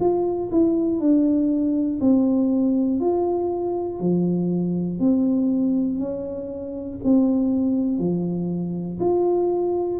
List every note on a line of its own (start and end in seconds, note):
0.00 0.50 F4
0.51 1.00 E4
1.00 2.00 D4
2.00 3.00 C4
3.00 4.00 F4
4.00 4.99 F3
4.99 5.99 C4
5.99 6.99 C#4
7.04 7.99 C4
7.99 8.99 F3
8.99 9.99 F4